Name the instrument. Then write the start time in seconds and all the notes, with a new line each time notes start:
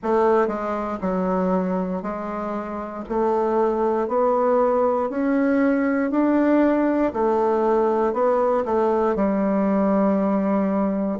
bassoon
0.02 A3
0.47 G#3
1.01 F#3
2.02 G#3
3.08 A3
4.08 B3
5.09 C#4
6.11 D4
7.13 A3
8.13 B3
8.64 A3
9.15 G3